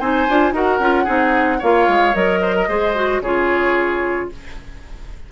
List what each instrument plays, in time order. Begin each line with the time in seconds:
0.00 bassoon C4, clarinet D#4, oboe C5, flute G#5
0.30 bassoon D4, clarinet F4
0.52 bassoon D#4, clarinet F#4, oboe A#4, flute F#5
0.79 bassoon C#4, clarinet F4
1.04 bassoon C4, clarinet D#4, oboe G#4
1.59 bassoon A#3, clarinet F4, oboe C#5, flute F5
1.88 bassoon G#3
2.14 bassoon F#3, clarinet A#4, flute D#5
2.42 oboe C5
2.56 oboe A#4
2.68 bassoon G#3, clarinet G#4, oboe C5
2.95 clarinet F#4
3.21 bassoon C#3, clarinet F4, oboe G#4, flute C#5